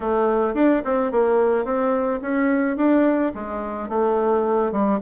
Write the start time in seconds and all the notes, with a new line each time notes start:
0.00 A3
0.54 D4
0.84 C4
1.11 A#3
1.64 C4
2.21 C#4
2.76 D4
3.34 G#3
3.88 A3
4.71 G3